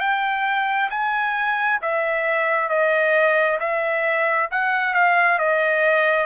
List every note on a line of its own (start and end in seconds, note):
0.00 0.90 G5
0.91 1.80 G#5
1.82 2.69 E5
2.69 3.59 D#5
3.60 4.50 E5
4.51 4.94 F#5
4.94 5.39 F5
5.39 6.26 D#5